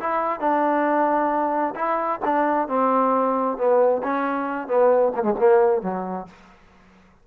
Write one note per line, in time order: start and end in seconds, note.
0.00 0.40 E4
0.40 1.74 D4
1.75 2.20 E4
2.25 2.68 D4
2.68 3.58 C4
3.58 4.02 B3
4.03 4.68 C#4
4.68 5.13 B3
5.16 5.23 A#3
5.23 5.34 G#3
5.39 5.82 A#3
5.82 6.27 F#3